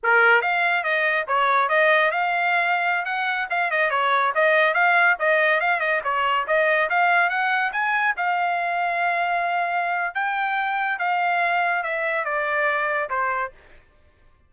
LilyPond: \new Staff \with { instrumentName = "trumpet" } { \time 4/4 \tempo 4 = 142 ais'4 f''4 dis''4 cis''4 | dis''4 f''2~ f''16 fis''8.~ | fis''16 f''8 dis''8 cis''4 dis''4 f''8.~ | f''16 dis''4 f''8 dis''8 cis''4 dis''8.~ |
dis''16 f''4 fis''4 gis''4 f''8.~ | f''1 | g''2 f''2 | e''4 d''2 c''4 | }